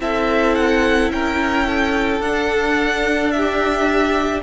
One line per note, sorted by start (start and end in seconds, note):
0.00 1.10 C4
0.00 2.22 E4
0.00 1.12 A4
0.00 0.55 E5
0.55 1.10 F#5
1.10 2.20 C#4
1.10 1.67 A#4
1.10 2.21 G5
1.67 3.34 A4
2.20 4.42 D4
2.20 4.43 D4
2.20 3.31 F#5
3.31 4.43 G4
3.31 4.42 E5